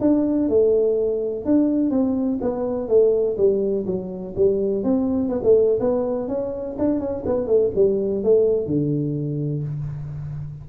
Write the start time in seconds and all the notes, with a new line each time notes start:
0.00 D4
0.48 A3
1.45 D4
1.90 C4
2.41 B3
2.88 A3
3.37 G3
3.86 F#3
4.36 G3
4.83 C4
5.29 B3
5.43 A3
5.80 B3
6.28 C#4
6.78 D4
6.99 C#4
7.25 B3
7.46 A3
7.75 G3
8.23 A3
8.66 D3